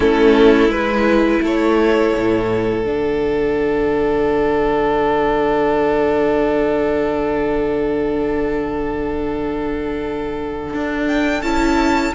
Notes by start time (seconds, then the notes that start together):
0.00 A3 C#4 E4 A4
0.68 G#3 E4 B4
1.41 A3 A4 C#5
2.16 A2
2.84 D3 D4 F#5
10.73 D4
11.07 G5
11.42 C#4 E4 A5